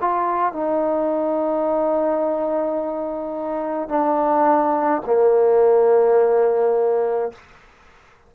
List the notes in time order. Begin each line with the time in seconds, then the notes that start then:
0.00 F4
0.52 D#4
3.88 D4
5.05 A#3